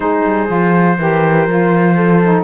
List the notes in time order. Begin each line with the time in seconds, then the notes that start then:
0.00 G#3 D#4 G#4 C5
0.24 G3
0.47 F3 F4
0.98 E3 G4 A#4
1.47 F3 F4
1.95 A4
2.23 D#4